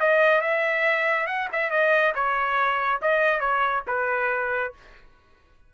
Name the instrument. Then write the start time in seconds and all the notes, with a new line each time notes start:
trumpet
0.00 D#5
0.41 E5
1.27 F#5
1.52 E5
1.70 D#5
2.14 C#5
3.01 D#5
3.40 C#5
3.87 B4